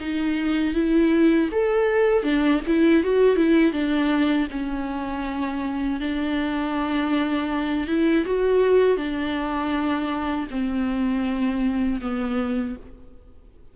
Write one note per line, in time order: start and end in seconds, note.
0.00 0.74 D#4
0.74 1.49 E4
1.51 2.23 A4
2.23 2.60 D4
2.66 3.03 E4
3.03 3.36 F#4
3.36 3.72 E4
3.72 4.47 D4
4.50 6.00 C#4
6.00 7.87 D4
7.87 8.25 E4
8.25 8.97 F#4
8.97 10.47 D4
10.50 12.00 C4
12.01 12.76 B3